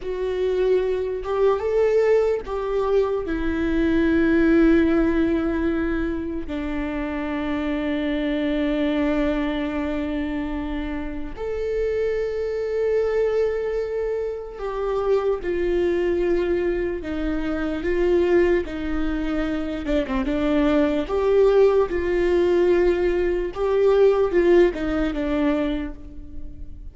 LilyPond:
\new Staff \with { instrumentName = "viola" } { \time 4/4 \tempo 4 = 74 fis'4. g'8 a'4 g'4 | e'1 | d'1~ | d'2 a'2~ |
a'2 g'4 f'4~ | f'4 dis'4 f'4 dis'4~ | dis'8 d'16 c'16 d'4 g'4 f'4~ | f'4 g'4 f'8 dis'8 d'4 | }